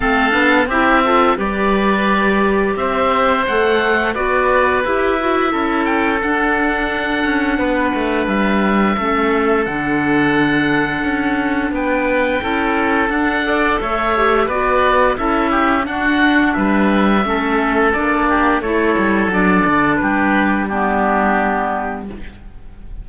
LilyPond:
<<
  \new Staff \with { instrumentName = "oboe" } { \time 4/4 \tempo 4 = 87 f''4 e''4 d''2 | e''4 fis''4 d''4 e''4~ | e''8 g''8 fis''2. | e''2 fis''2~ |
fis''4 g''2 fis''4 | e''4 d''4 e''4 fis''4 | e''2 d''4 cis''4 | d''4 b'4 g'2 | }
  \new Staff \with { instrumentName = "oboe" } { \time 4/4 a'4 g'8 a'8 b'2 | c''2 b'2 | a'2. b'4~ | b'4 a'2.~ |
a'4 b'4 a'4. d''8 | cis''4 b'4 a'8 g'8 fis'4 | b'4 a'4. g'8 a'4~ | a'4 g'4 d'2 | }
  \new Staff \with { instrumentName = "clarinet" } { \time 4/4 c'8 d'8 e'8 f'8 g'2~ | g'4 a'4 fis'4 g'8 fis'8 | e'4 d'2.~ | d'4 cis'4 d'2~ |
d'2 e'4 d'8 a'8~ | a'8 g'8 fis'4 e'4 d'4~ | d'4 cis'4 d'4 e'4 | d'2 b2 | }
  \new Staff \with { instrumentName = "cello" } { \time 4/4 a8 b8 c'4 g2 | c'4 a4 b4 e'4 | cis'4 d'4. cis'8 b8 a8 | g4 a4 d2 |
cis'4 b4 cis'4 d'4 | a4 b4 cis'4 d'4 | g4 a4 ais4 a8 g8 | fis8 d8 g2. | }
>>